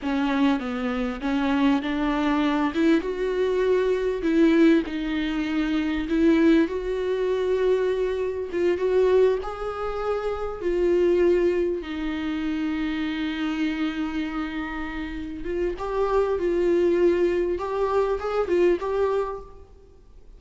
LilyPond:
\new Staff \with { instrumentName = "viola" } { \time 4/4 \tempo 4 = 99 cis'4 b4 cis'4 d'4~ | d'8 e'8 fis'2 e'4 | dis'2 e'4 fis'4~ | fis'2 f'8 fis'4 gis'8~ |
gis'4. f'2 dis'8~ | dis'1~ | dis'4. f'8 g'4 f'4~ | f'4 g'4 gis'8 f'8 g'4 | }